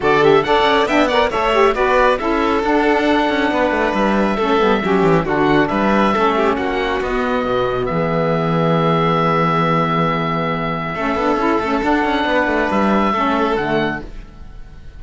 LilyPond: <<
  \new Staff \with { instrumentName = "oboe" } { \time 4/4 \tempo 4 = 137 d''8 e''8 fis''4 g''8 fis''8 e''4 | d''4 e''4 fis''2~ | fis''4 e''2. | fis''4 e''2 fis''4 |
dis''2 e''2~ | e''1~ | e''2. fis''4~ | fis''4 e''2 fis''4 | }
  \new Staff \with { instrumentName = "violin" } { \time 4/4 a'4 d''4 e''8 d''8 cis''4 | b'4 a'2. | b'2 a'4 g'4 | fis'4 b'4 a'8 g'8 fis'4~ |
fis'2 gis'2~ | gis'1~ | gis'4 a'2. | b'2 a'2 | }
  \new Staff \with { instrumentName = "saxophone" } { \time 4/4 fis'8 g'8 a'4 d'8 ais'8 a'8 g'8 | fis'4 e'4 d'2~ | d'2 cis'8 b8 cis'4 | d'2 cis'2 |
b1~ | b1~ | b4 cis'8 d'8 e'8 cis'8 d'4~ | d'2 cis'4 a4 | }
  \new Staff \with { instrumentName = "cello" } { \time 4/4 d4 d'8 cis'8 b4 a4 | b4 cis'4 d'4. cis'8 | b8 a8 g4 a8 g8 fis8 e8 | d4 g4 a4 ais4 |
b4 b,4 e2~ | e1~ | e4 a8 b8 cis'8 a8 d'8 cis'8 | b8 a8 g4 a4 d4 | }
>>